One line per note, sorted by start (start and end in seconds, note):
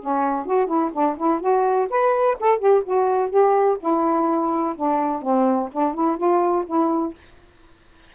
0.00 0.46 C#4
0.46 0.67 F#4
0.67 0.91 E4
0.92 1.16 D4
1.17 1.40 E4
1.40 1.88 F#4
1.90 2.37 B4
2.40 2.59 A4
2.59 2.82 G4
2.84 3.30 F#4
3.30 3.77 G4
3.80 4.75 E4
4.76 5.22 D4
5.22 5.69 C4
5.72 5.94 D4
5.94 6.17 E4
6.17 6.65 F4
6.66 7.14 E4